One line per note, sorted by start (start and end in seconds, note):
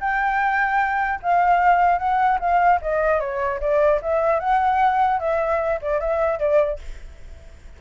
0.00 1.20 G5
1.22 1.98 F5
1.98 2.38 F#5
2.40 2.80 F5
2.81 3.20 D#5
3.20 3.60 C#5
3.60 4.00 D5
4.02 4.39 E5
4.39 5.19 F#5
5.20 5.80 E5
5.81 6.00 D5
6.00 6.39 E5
6.39 6.79 D5